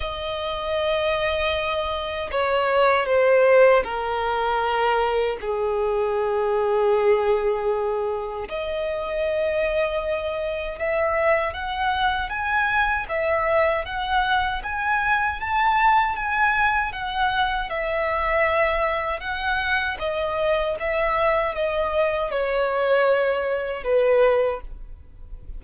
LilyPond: \new Staff \with { instrumentName = "violin" } { \time 4/4 \tempo 4 = 78 dis''2. cis''4 | c''4 ais'2 gis'4~ | gis'2. dis''4~ | dis''2 e''4 fis''4 |
gis''4 e''4 fis''4 gis''4 | a''4 gis''4 fis''4 e''4~ | e''4 fis''4 dis''4 e''4 | dis''4 cis''2 b'4 | }